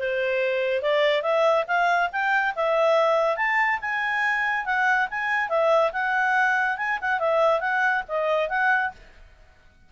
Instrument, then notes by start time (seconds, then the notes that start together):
clarinet
0.00 C5
0.83 D5
1.23 E5
1.68 F5
2.13 G5
2.56 E5
3.37 A5
3.81 G#5
4.66 F#5
5.11 G#5
5.49 E5
5.93 F#5
6.78 G#5
7.02 F#5
7.20 E5
7.61 F#5
8.09 D#5
8.50 F#5